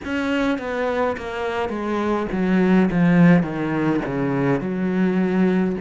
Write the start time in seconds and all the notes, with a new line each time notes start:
0.04 C#4
0.58 B3
1.17 A#3
1.69 G#3
2.31 F#3
2.91 F3
3.42 D#3
4.05 C#3
4.60 F#3